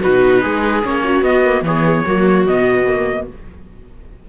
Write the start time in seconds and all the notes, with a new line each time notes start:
0.00 B2 D#4 F#4 B4
0.41 G#3 G#4
0.83 A#3 C#4 C#5
1.03 F#4
1.22 B3 D#5
1.44 A#3
1.62 E3 B3 G#4 C#5
2.05 F#3 A#3 F#4
2.47 B2 B3 D#5
2.87 A#3